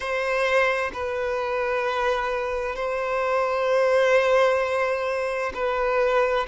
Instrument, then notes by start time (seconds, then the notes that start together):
violin
0.00 C5
0.93 B4
2.75 C5
5.54 B4